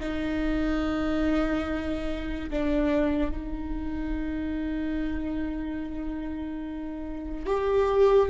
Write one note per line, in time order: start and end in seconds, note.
0.00 2.50 D#4
2.50 3.31 D4
3.31 7.46 D#4
7.46 8.30 G4